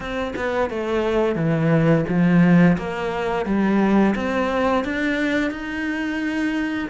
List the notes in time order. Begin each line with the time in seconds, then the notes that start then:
0.00 C4
0.36 B3
0.70 A3
1.35 E3
2.08 F3
2.77 A#3
3.45 G3
4.15 C4
4.84 D4
5.50 D#4